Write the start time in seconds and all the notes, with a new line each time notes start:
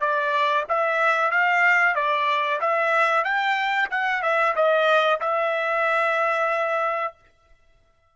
0.00 D5
0.69 E5
1.31 F5
1.95 D5
2.61 E5
3.24 G5
3.90 F#5
4.23 E5
4.56 D#5
5.20 E5